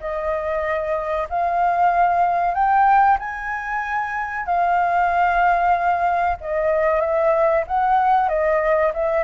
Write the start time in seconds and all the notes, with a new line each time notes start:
0.00 D#5
1.29 F5
2.54 G5
3.19 G#5
4.45 F5
6.40 D#5
7.00 E5
7.67 F#5
8.28 D#5
8.94 E5